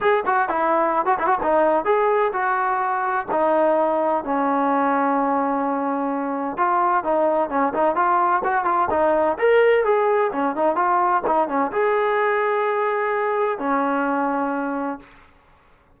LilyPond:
\new Staff \with { instrumentName = "trombone" } { \time 4/4 \tempo 4 = 128 gis'8 fis'8 e'4~ e'16 fis'16 e'16 fis'16 dis'4 | gis'4 fis'2 dis'4~ | dis'4 cis'2.~ | cis'2 f'4 dis'4 |
cis'8 dis'8 f'4 fis'8 f'8 dis'4 | ais'4 gis'4 cis'8 dis'8 f'4 | dis'8 cis'8 gis'2.~ | gis'4 cis'2. | }